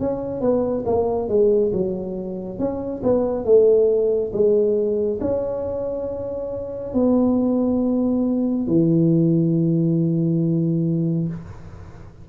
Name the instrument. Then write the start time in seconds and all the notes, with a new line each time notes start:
tuba
0.00 C#4
0.41 B3
0.86 A#3
1.29 G#3
1.73 F#3
2.59 C#4
3.03 B3
3.45 A3
4.33 G#3
5.21 C#4
6.94 B3
8.67 E3